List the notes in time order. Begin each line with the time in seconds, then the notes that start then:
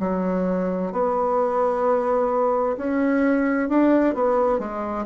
0.00 F#3
0.92 B3
2.77 C#4
3.69 D4
4.15 B3
4.59 G#3